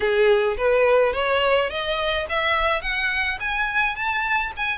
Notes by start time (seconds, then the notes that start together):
0.00 G#4
0.57 B4
1.13 C#5
1.70 D#5
2.29 E5
2.81 F#5
3.40 G#5
3.95 A5
4.56 G#5